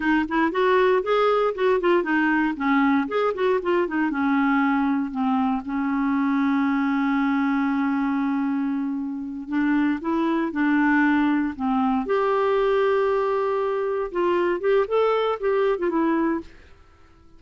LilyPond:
\new Staff \with { instrumentName = "clarinet" } { \time 4/4 \tempo 4 = 117 dis'8 e'8 fis'4 gis'4 fis'8 f'8 | dis'4 cis'4 gis'8 fis'8 f'8 dis'8 | cis'2 c'4 cis'4~ | cis'1~ |
cis'2~ cis'8 d'4 e'8~ | e'8 d'2 c'4 g'8~ | g'2.~ g'8 f'8~ | f'8 g'8 a'4 g'8. f'16 e'4 | }